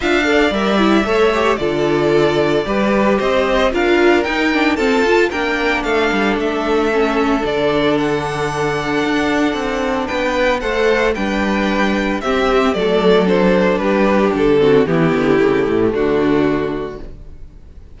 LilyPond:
<<
  \new Staff \with { instrumentName = "violin" } { \time 4/4 \tempo 4 = 113 f''4 e''2 d''4~ | d''2 dis''4 f''4 | g''4 a''4 g''4 f''4 | e''2 d''4 fis''4~ |
fis''2. g''4 | fis''4 g''2 e''4 | d''4 c''4 b'4 a'4 | g'2 fis'2 | }
  \new Staff \with { instrumentName = "violin" } { \time 4/4 e''8 d''4. cis''4 a'4~ | a'4 b'4 c''4 ais'4~ | ais'4 a'4 ais'4 a'4~ | a'1~ |
a'2. b'4 | c''4 b'2 g'4 | a'2 g'4. fis'8 | e'2 d'2 | }
  \new Staff \with { instrumentName = "viola" } { \time 4/4 f'8 a'8 ais'8 e'8 a'8 g'8 f'4~ | f'4 g'2 f'4 | dis'8 d'8 c'8 f'8 d'2~ | d'4 cis'4 d'2~ |
d'1 | a'4 d'2 c'4 | a4 d'2~ d'8 c'8 | b4 a2. | }
  \new Staff \with { instrumentName = "cello" } { \time 4/4 d'4 g4 a4 d4~ | d4 g4 c'4 d'4 | dis'4 f'4 ais4 a8 g8 | a2 d2~ |
d4 d'4 c'4 b4 | a4 g2 c'4 | fis2 g4 d4 | e8 d8 cis8 a,8 d2 | }
>>